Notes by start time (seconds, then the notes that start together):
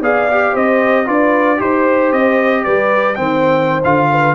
0.00 B3 G#4 D5 F5
0.31 G4
0.53 C4 C5 D#5
1.05 D4 F4 B4 D5
1.57 D#4 G4 C5
2.12 C4 D#5
2.64 G3 B4 D5
3.15 D#3 C4 C5 G5
3.84 D3 F4 F5
4.10 B4